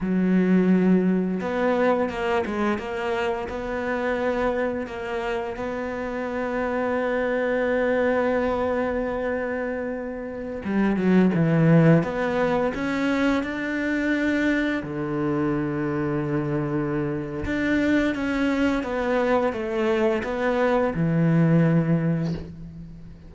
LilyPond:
\new Staff \with { instrumentName = "cello" } { \time 4/4 \tempo 4 = 86 fis2 b4 ais8 gis8 | ais4 b2 ais4 | b1~ | b2.~ b16 g8 fis16~ |
fis16 e4 b4 cis'4 d'8.~ | d'4~ d'16 d2~ d8.~ | d4 d'4 cis'4 b4 | a4 b4 e2 | }